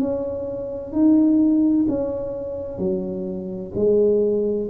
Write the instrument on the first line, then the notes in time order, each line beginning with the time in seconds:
tuba
0.00 C#4
0.92 D#4
1.88 C#4
2.79 F#3
3.75 G#3